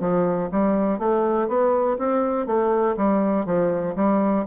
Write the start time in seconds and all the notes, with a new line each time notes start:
0.00 F3
0.52 G3
0.99 A3
1.48 B3
1.98 C4
2.46 A3
2.97 G3
3.45 F3
3.95 G3